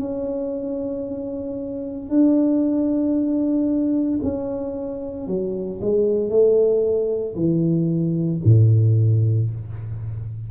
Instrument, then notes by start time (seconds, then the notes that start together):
tuba
0.00 C#4
2.10 D4
4.23 C#4
5.27 F#3
5.81 G#3
6.30 A3
7.36 E3
8.45 A2